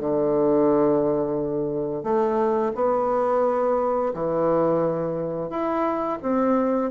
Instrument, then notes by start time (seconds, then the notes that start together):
bassoon
0.00 D3
2.04 A3
2.76 B3
4.14 E3
5.50 E4
6.22 C4